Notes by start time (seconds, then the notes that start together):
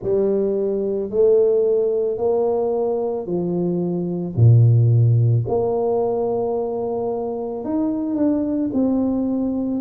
0.02 G3
1.10 A3
2.17 A#3
3.26 F3
4.35 A#2
5.47 A#3
7.64 D#4
8.15 D4
8.73 C4